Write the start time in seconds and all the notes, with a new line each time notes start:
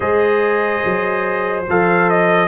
0.00 G#3 G#4 C5 D#5
0.84 F#3
1.68 F3 A4 F5
2.09 D#5